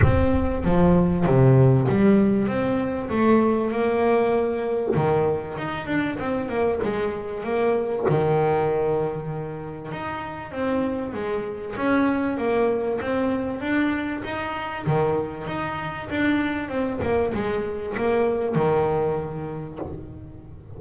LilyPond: \new Staff \with { instrumentName = "double bass" } { \time 4/4 \tempo 4 = 97 c'4 f4 c4 g4 | c'4 a4 ais2 | dis4 dis'8 d'8 c'8 ais8 gis4 | ais4 dis2. |
dis'4 c'4 gis4 cis'4 | ais4 c'4 d'4 dis'4 | dis4 dis'4 d'4 c'8 ais8 | gis4 ais4 dis2 | }